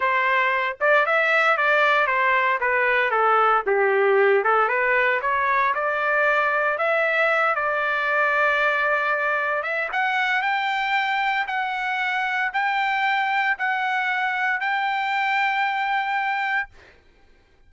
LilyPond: \new Staff \with { instrumentName = "trumpet" } { \time 4/4 \tempo 4 = 115 c''4. d''8 e''4 d''4 | c''4 b'4 a'4 g'4~ | g'8 a'8 b'4 cis''4 d''4~ | d''4 e''4. d''4.~ |
d''2~ d''8 e''8 fis''4 | g''2 fis''2 | g''2 fis''2 | g''1 | }